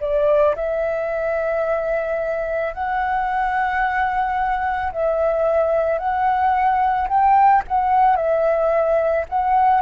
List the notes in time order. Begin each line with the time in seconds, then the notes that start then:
0.00 D5
0.56 E5
2.74 F#5
4.92 E5
5.99 F#5
7.08 G5
7.68 F#5
8.16 E5
9.29 F#5